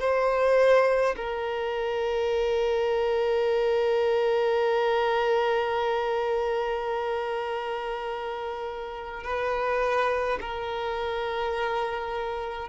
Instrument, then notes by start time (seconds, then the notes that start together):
violin
0.00 C5
1.17 A#4
9.24 B4
10.42 A#4